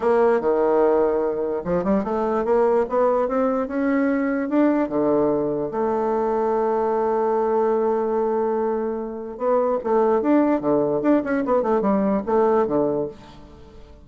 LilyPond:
\new Staff \with { instrumentName = "bassoon" } { \time 4/4 \tempo 4 = 147 ais4 dis2. | f8 g8 a4 ais4 b4 | c'4 cis'2 d'4 | d2 a2~ |
a1~ | a2. b4 | a4 d'4 d4 d'8 cis'8 | b8 a8 g4 a4 d4 | }